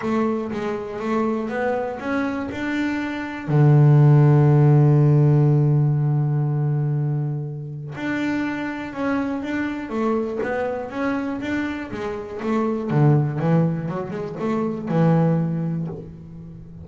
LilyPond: \new Staff \with { instrumentName = "double bass" } { \time 4/4 \tempo 4 = 121 a4 gis4 a4 b4 | cis'4 d'2 d4~ | d1~ | d1 |
d'2 cis'4 d'4 | a4 b4 cis'4 d'4 | gis4 a4 d4 e4 | fis8 gis8 a4 e2 | }